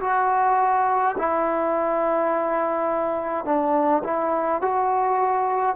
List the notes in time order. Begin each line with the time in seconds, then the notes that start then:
0.00 F#4
1.18 E4
3.45 D4
4.03 E4
4.61 F#4